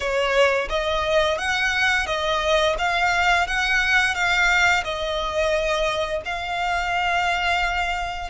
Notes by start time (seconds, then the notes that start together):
0.00 C#5
0.69 D#5
1.38 F#5
2.06 D#5
2.78 F5
3.47 F#5
4.14 F5
4.84 D#5
6.25 F5